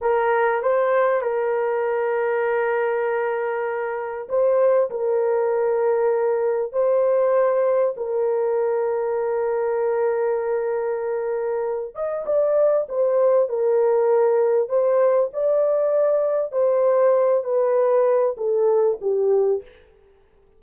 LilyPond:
\new Staff \with { instrumentName = "horn" } { \time 4/4 \tempo 4 = 98 ais'4 c''4 ais'2~ | ais'2. c''4 | ais'2. c''4~ | c''4 ais'2.~ |
ais'2.~ ais'8 dis''8 | d''4 c''4 ais'2 | c''4 d''2 c''4~ | c''8 b'4. a'4 g'4 | }